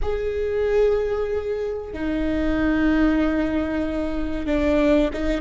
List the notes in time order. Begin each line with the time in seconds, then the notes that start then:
0.01 G#4
1.93 D#4
4.46 D4
5.13 D#4